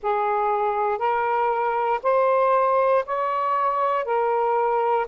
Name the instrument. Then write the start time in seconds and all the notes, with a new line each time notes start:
saxophone
0.02 G#4
0.98 A#4
2.02 C5
3.05 C#5
4.04 A#4